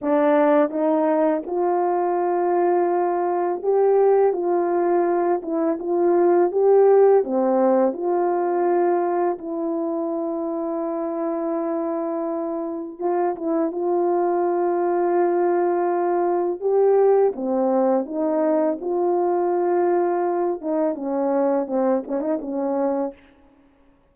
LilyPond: \new Staff \with { instrumentName = "horn" } { \time 4/4 \tempo 4 = 83 d'4 dis'4 f'2~ | f'4 g'4 f'4. e'8 | f'4 g'4 c'4 f'4~ | f'4 e'2.~ |
e'2 f'8 e'8 f'4~ | f'2. g'4 | c'4 dis'4 f'2~ | f'8 dis'8 cis'4 c'8 cis'16 dis'16 cis'4 | }